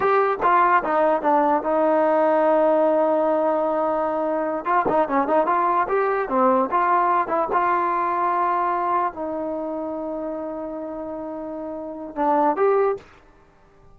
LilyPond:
\new Staff \with { instrumentName = "trombone" } { \time 4/4 \tempo 4 = 148 g'4 f'4 dis'4 d'4 | dis'1~ | dis'2.~ dis'8 f'8 | dis'8 cis'8 dis'8 f'4 g'4 c'8~ |
c'8 f'4. e'8 f'4.~ | f'2~ f'8 dis'4.~ | dis'1~ | dis'2 d'4 g'4 | }